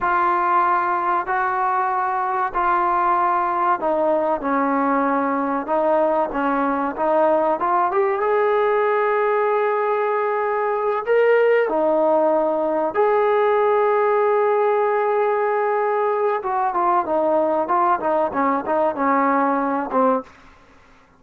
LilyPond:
\new Staff \with { instrumentName = "trombone" } { \time 4/4 \tempo 4 = 95 f'2 fis'2 | f'2 dis'4 cis'4~ | cis'4 dis'4 cis'4 dis'4 | f'8 g'8 gis'2.~ |
gis'4. ais'4 dis'4.~ | dis'8 gis'2.~ gis'8~ | gis'2 fis'8 f'8 dis'4 | f'8 dis'8 cis'8 dis'8 cis'4. c'8 | }